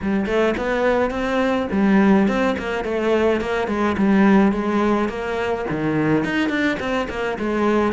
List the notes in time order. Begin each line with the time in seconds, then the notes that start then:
0.02 G3
0.26 A3
0.57 B3
1.10 C4
1.71 G3
2.27 C4
2.58 A#3
2.84 A3
3.40 A#3
3.67 G#3
3.97 G3
4.52 G#3
5.08 A#3
5.70 D#3
6.24 D#4
6.49 D4
6.79 C4
7.09 A#3
7.39 G#3